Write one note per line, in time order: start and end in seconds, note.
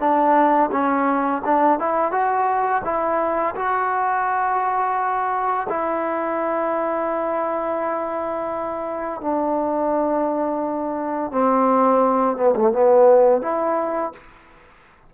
0.00 0.71 D4
0.72 1.43 C#4
1.45 1.80 D4
1.80 2.12 E4
2.12 2.83 F#4
2.85 3.56 E4
3.56 5.68 F#4
5.70 9.21 E4
9.21 11.32 D4
11.32 12.37 C4
12.37 12.55 B3
12.56 12.73 A3
12.73 13.42 B3
13.42 14.13 E4